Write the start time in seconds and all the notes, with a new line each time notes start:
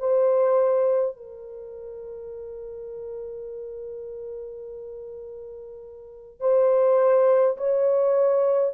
0.00 C5
1.17 A#4
6.41 C5
7.58 C#5